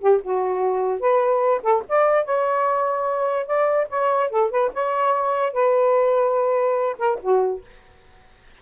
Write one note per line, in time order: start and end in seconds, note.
0.00 0.21 G4
0.23 1.00 F#4
1.00 1.61 B4
1.62 1.83 A4
1.88 2.25 D5
2.25 3.46 C#5
3.46 3.87 D5
3.89 4.30 C#5
4.30 4.50 A4
4.50 4.71 B4
4.73 5.53 C#5
5.53 6.96 B4
6.98 7.19 A#4
7.20 7.61 F#4